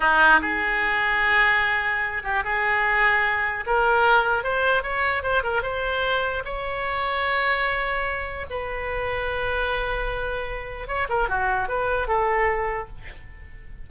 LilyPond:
\new Staff \with { instrumentName = "oboe" } { \time 4/4 \tempo 4 = 149 dis'4 gis'2.~ | gis'4. g'8 gis'2~ | gis'4 ais'2 c''4 | cis''4 c''8 ais'8 c''2 |
cis''1~ | cis''4 b'2.~ | b'2. cis''8 ais'8 | fis'4 b'4 a'2 | }